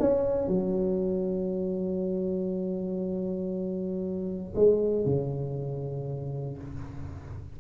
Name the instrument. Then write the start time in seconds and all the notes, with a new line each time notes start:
tuba
0.00 C#4
0.48 F#3
4.55 G#3
5.05 C#3